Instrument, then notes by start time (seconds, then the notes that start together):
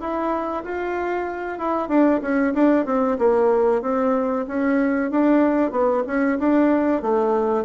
bassoon
0.00 E4
0.64 F4
1.58 E4
1.89 D4
2.22 C#4
2.54 D4
2.86 C4
3.19 A#3
3.82 C4
4.48 C#4
5.11 D4
5.71 B3
6.07 C#4
6.39 D4
7.02 A3